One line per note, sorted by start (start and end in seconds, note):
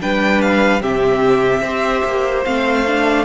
0.00 0.81 G3
0.00 0.80 D4
0.00 0.81 B4
0.00 0.41 G5
0.41 0.82 F5
0.80 1.61 C3
0.80 1.61 C4
0.80 1.62 G4
0.80 2.44 E5
1.61 2.02 C4
1.61 2.44 G4
1.61 3.25 C5
2.04 2.45 A#3
2.44 3.25 A3
2.44 2.85 C4
2.44 3.25 F5
2.86 3.25 D4